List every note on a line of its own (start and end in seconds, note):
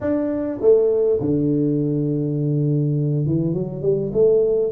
0.00 0.59 D4
0.61 1.20 A3
1.20 3.26 D3
3.26 3.53 E3
3.53 3.82 F#3
3.82 4.11 G3
4.13 4.71 A3